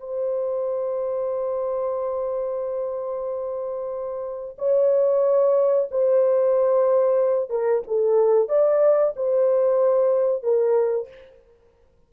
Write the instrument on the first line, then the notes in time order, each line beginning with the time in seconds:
horn
0.00 C5
4.58 C#5
5.91 C5
7.50 A#4
7.87 A4
8.49 D5
9.16 C5
10.43 A#4